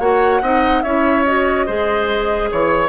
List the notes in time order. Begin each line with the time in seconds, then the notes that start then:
0.00 A#3 F#4 C#5 F#5
0.42 C4 D#4 D#5
0.82 C#4 E4 C#5 E5
1.25 F#4 D#5
1.66 G#3 G#4 C5
2.52 E3 C#5